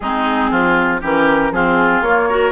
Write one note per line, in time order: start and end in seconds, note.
0.00 0.50 G#3
0.00 1.02 C4
0.00 0.50 D#4
0.00 0.98 G#4
0.50 1.01 F3
0.50 1.01 F4
1.01 1.51 E3
1.01 1.53 C#4
1.01 1.51 G4
1.01 1.52 A#4
1.51 2.01 F3
1.51 2.04 C4
1.51 2.28 F4
1.51 2.03 G#4
2.01 2.52 A#3
2.01 2.30 A#3
2.01 2.52 C#5
2.28 2.52 F#4
2.28 2.52 A#4